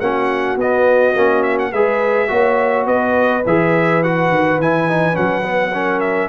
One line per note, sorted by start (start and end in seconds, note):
0.00 0.56 A#3
0.00 0.58 C#4
0.00 1.71 F#4
0.00 0.57 F#5
0.56 1.13 B3
0.56 1.15 B3
0.56 1.43 D#5
1.15 1.72 A#3
1.15 1.72 C#4
1.43 1.57 E5
1.59 1.72 F#5
1.71 2.29 G#3
1.71 2.28 G#4
1.71 2.28 B4
1.71 2.86 E5
2.28 2.86 A#3
2.28 3.42 F#4
2.28 2.86 C#5
2.86 3.43 B3
2.86 5.71 B4
2.86 3.44 D#5
3.46 4.30 E3
3.46 4.04 G#4
3.46 4.03 E5
4.03 4.61 F#4
4.03 4.60 F#5
4.30 4.58 D#3
4.58 5.16 E3
4.58 4.89 E4
4.58 5.16 G#5
4.89 5.13 D#4
5.13 6.29 F#3
5.13 5.42 C#4
5.13 6.00 F#5
5.42 5.71 B3
5.73 6.29 C#4
5.73 6.29 A#4
6.00 6.28 E5